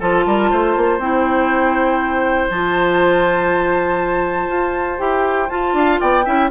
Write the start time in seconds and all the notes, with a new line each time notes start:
0.00 F3 F4 A4 A5
0.27 G3 A#4
0.51 A3 C5
0.77 A#3
0.99 C4 E4 G5
2.50 F3 F4 A5
4.48 F4
4.99 E4 G4 G5
5.49 F4 A5
5.74 D4 F5
6.01 B3 D5 G5
6.25 C#4 E4 E5